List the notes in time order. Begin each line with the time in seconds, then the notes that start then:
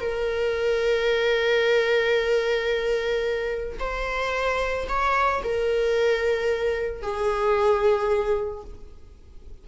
0.00 A#4
3.80 C5
4.89 C#5
5.43 A#4
7.02 G#4